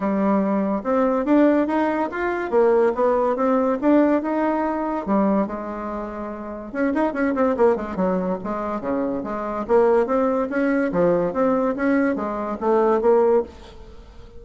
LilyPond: \new Staff \with { instrumentName = "bassoon" } { \time 4/4 \tempo 4 = 143 g2 c'4 d'4 | dis'4 f'4 ais4 b4 | c'4 d'4 dis'2 | g4 gis2. |
cis'8 dis'8 cis'8 c'8 ais8 gis8 fis4 | gis4 cis4 gis4 ais4 | c'4 cis'4 f4 c'4 | cis'4 gis4 a4 ais4 | }